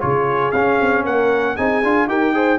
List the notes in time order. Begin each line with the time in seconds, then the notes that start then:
0.00 C#3 F4 G#4 C#5
0.52 C#4 F5
0.81 C4
1.04 A#3 A#4 F#5
1.56 C4 D#4 G#4 G#5
1.83 D4 F4
2.07 D#4 G4 A#4 G5
2.34 G#4 C5